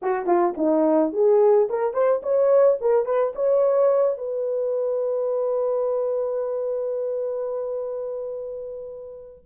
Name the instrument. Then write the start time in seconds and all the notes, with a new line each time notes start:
horn
0.02 F#4
0.26 F4
0.57 D#4
1.12 G#4
1.69 A#4
1.93 C5
2.22 C#5
2.80 A#4
3.05 B4
3.35 C#5
4.17 B4